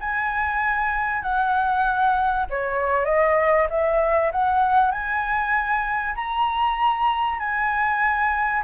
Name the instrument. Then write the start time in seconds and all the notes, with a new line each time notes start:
flute
0.00 G#5
1.22 F#5
2.49 C#5
3.05 D#5
3.69 E5
4.32 F#5
4.91 G#5
6.15 A#5
7.39 G#5